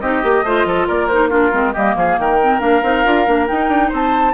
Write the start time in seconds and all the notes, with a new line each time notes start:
0.00 C4 D#4 G4 D#5
0.22 A#3 G4
0.42 A3 F4 C5
0.64 F3 A4
0.87 A#3 A#4 D5
1.07 D#4 C5
1.29 D4 F4 A#4
1.51 G#3 C4
1.72 G3 A#3 G4 D#5
1.95 F3 G#4 F5
2.18 D#3 A#4 G5
2.41 C4
2.59 A#3 D4 F5
2.82 C4 D#4
3.04 D4 F4
3.26 A#3 D4
3.47 D#4 G5
3.68 D4
3.88 C4 C5
3.94 A5